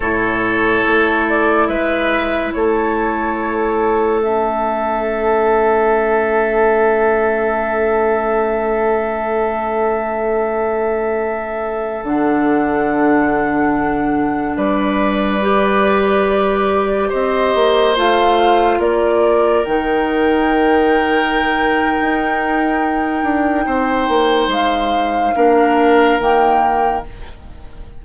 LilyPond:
<<
  \new Staff \with { instrumentName = "flute" } { \time 4/4 \tempo 4 = 71 cis''4. d''8 e''4 cis''4~ | cis''4 e''2.~ | e''1~ | e''2~ e''16 fis''4.~ fis''16~ |
fis''4~ fis''16 d''2~ d''8.~ | d''16 dis''4 f''4 d''4 g''8.~ | g''1~ | g''4 f''2 g''4 | }
  \new Staff \with { instrumentName = "oboe" } { \time 4/4 a'2 b'4 a'4~ | a'1~ | a'1~ | a'1~ |
a'4~ a'16 b'2~ b'8.~ | b'16 c''2 ais'4.~ ais'16~ | ais'1 | c''2 ais'2 | }
  \new Staff \with { instrumentName = "clarinet" } { \time 4/4 e'1~ | e'4 cis'2.~ | cis'1~ | cis'2~ cis'16 d'4.~ d'16~ |
d'2~ d'16 g'4.~ g'16~ | g'4~ g'16 f'2 dis'8.~ | dis'1~ | dis'2 d'4 ais4 | }
  \new Staff \with { instrumentName = "bassoon" } { \time 4/4 a,4 a4 gis4 a4~ | a1~ | a1~ | a2~ a16 d4.~ d16~ |
d4~ d16 g2~ g8.~ | g16 c'8 ais8 a4 ais4 dis8.~ | dis2 dis'4. d'8 | c'8 ais8 gis4 ais4 dis4 | }
>>